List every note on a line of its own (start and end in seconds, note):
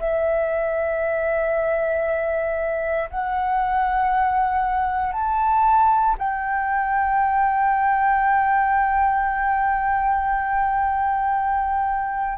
0.00 3.10 E5
3.10 5.13 F#5
5.13 6.16 A5
6.18 12.39 G5